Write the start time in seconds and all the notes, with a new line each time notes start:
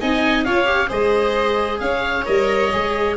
0.00 C4 D#4 D#5 G#5
0.44 C#4 F4 C#5 F5
0.65 G4
0.88 G#3 G#4 C5 D#5
1.80 C#4 C#5 F5
2.25 G3 A#4 D#5
2.72 G#3 G#4